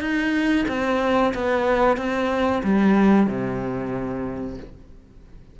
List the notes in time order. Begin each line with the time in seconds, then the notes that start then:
0.00 D#4
0.68 C4
1.34 B3
1.97 C4
2.63 G3
3.27 C3